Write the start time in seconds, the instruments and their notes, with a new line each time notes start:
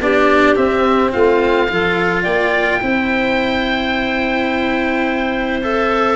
0.00 tuba B3, cello D4, clarinet G4, oboe D5
0.56 cello C4, tuba C4, oboe E5
1.12 tuba A3, clarinet F4, oboe F5
1.69 tuba F3, cello F4, clarinet A4
2.22 tuba A#3, clarinet D5, oboe G5
2.82 tuba C4, cello E4, clarinet C5
5.63 cello A4, oboe E5